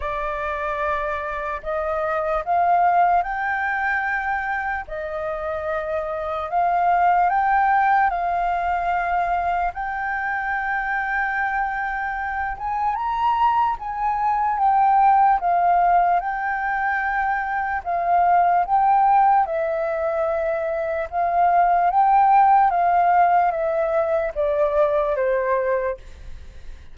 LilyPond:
\new Staff \with { instrumentName = "flute" } { \time 4/4 \tempo 4 = 74 d''2 dis''4 f''4 | g''2 dis''2 | f''4 g''4 f''2 | g''2.~ g''8 gis''8 |
ais''4 gis''4 g''4 f''4 | g''2 f''4 g''4 | e''2 f''4 g''4 | f''4 e''4 d''4 c''4 | }